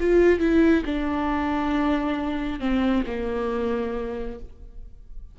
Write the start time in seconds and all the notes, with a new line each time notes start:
0.00 F4
0.40 E4
0.85 D4
2.60 C4
3.07 A#3